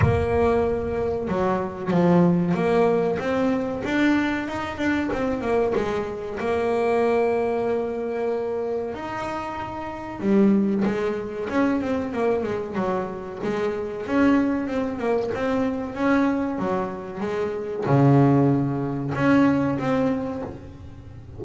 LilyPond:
\new Staff \with { instrumentName = "double bass" } { \time 4/4 \tempo 4 = 94 ais2 fis4 f4 | ais4 c'4 d'4 dis'8 d'8 | c'8 ais8 gis4 ais2~ | ais2 dis'2 |
g4 gis4 cis'8 c'8 ais8 gis8 | fis4 gis4 cis'4 c'8 ais8 | c'4 cis'4 fis4 gis4 | cis2 cis'4 c'4 | }